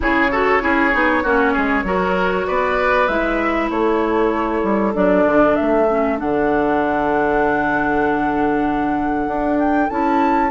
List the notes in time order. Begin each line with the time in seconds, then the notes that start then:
0.00 C#3 E4 G#4 C#5
0.31 F#4 A4
0.60 C#4 E4 G#4
0.92 B3 D#4
1.23 A#3 C#4 F#4
1.52 G#3 G#4
1.83 F#3 F#4 A#4
2.46 B3 B4 D5
3.07 G#3 E4 E5
3.69 A3 A4 C#5
4.63 G3
4.93 F#3 D4 D5
5.25 D3
5.55 A3 E5
5.89 C#4
6.17 D3 D4 F#5
9.27 D4
9.59 G5
9.89 C#4 E4 A5